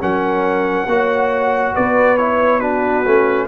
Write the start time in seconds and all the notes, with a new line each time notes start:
0.00 F#3 C#4 A#4 F#5
0.86 A#3 F#4 C#5
1.73 B3 B4 D5
2.17 E4 C#5
2.59 D4 F#4 B4
3.05 A3 C#4